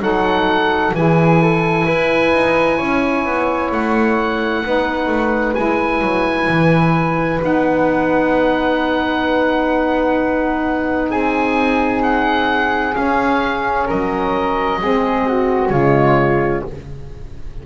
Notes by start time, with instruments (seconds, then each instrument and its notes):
0.00 double bass F#3, saxophone D#4, flute A4, oboe F#5
0.94 double bass E3, saxophone E4, flute G#4, oboe G#5
1.42 flute A4
1.86 double bass E4, flute B4
2.33 double bass D#4
2.77 double bass C#4, flute C#5
3.25 double bass B3
3.71 double bass A3, oboe F#5
4.65 double bass B3, saxophone D#4, flute B4
5.07 double bass A3
5.54 double bass G#3, saxophone E4, oboe G#5
6.01 double bass F#3
6.48 double bass E3
7.39 double bass B3, saxophone D#4, oboe F#5
11.10 double bass C4, flute G#4, oboe G#5
12.03 oboe F#5
12.94 saxophone C#4, double bass C#4, oboe F5
13.86 double bass F#3, flute A#4, oboe D#5
14.81 double bass G#3, saxophone C4, flute G#4
15.27 flute F#4
15.68 double bass C#3, saxophone G#3, flute F4, oboe C#5